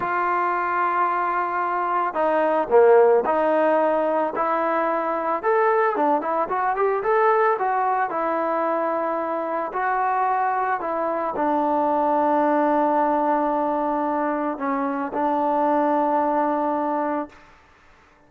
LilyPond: \new Staff \with { instrumentName = "trombone" } { \time 4/4 \tempo 4 = 111 f'1 | dis'4 ais4 dis'2 | e'2 a'4 d'8 e'8 | fis'8 g'8 a'4 fis'4 e'4~ |
e'2 fis'2 | e'4 d'2.~ | d'2. cis'4 | d'1 | }